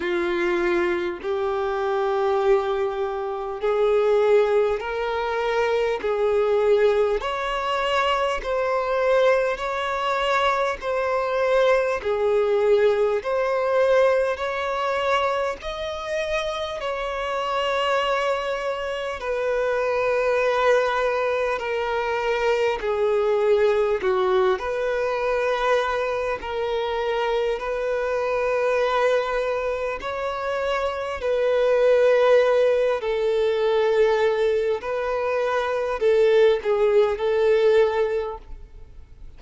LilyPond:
\new Staff \with { instrumentName = "violin" } { \time 4/4 \tempo 4 = 50 f'4 g'2 gis'4 | ais'4 gis'4 cis''4 c''4 | cis''4 c''4 gis'4 c''4 | cis''4 dis''4 cis''2 |
b'2 ais'4 gis'4 | fis'8 b'4. ais'4 b'4~ | b'4 cis''4 b'4. a'8~ | a'4 b'4 a'8 gis'8 a'4 | }